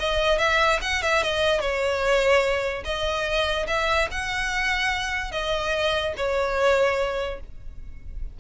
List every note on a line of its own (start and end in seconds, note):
0.00 0.38 D#5
0.38 0.80 E5
0.82 1.03 F#5
1.03 1.23 E5
1.23 1.61 D#5
1.61 2.84 C#5
2.84 3.67 D#5
3.67 4.09 E5
4.12 5.32 F#5
5.32 6.14 D#5
6.17 7.40 C#5